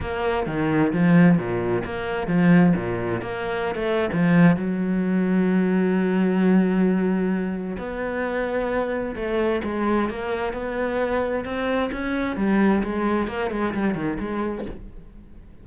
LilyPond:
\new Staff \with { instrumentName = "cello" } { \time 4/4 \tempo 4 = 131 ais4 dis4 f4 ais,4 | ais4 f4 ais,4 ais4~ | ais16 a8. f4 fis2~ | fis1~ |
fis4 b2. | a4 gis4 ais4 b4~ | b4 c'4 cis'4 g4 | gis4 ais8 gis8 g8 dis8 gis4 | }